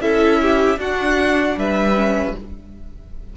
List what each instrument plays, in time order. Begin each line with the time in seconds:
0.00 cello C#4, viola E4, violin A4 E5
0.41 violin G4
0.77 cello D4, viola D4, violin F#4 F#5
1.56 cello G3, violin B4 E5
1.95 viola C#4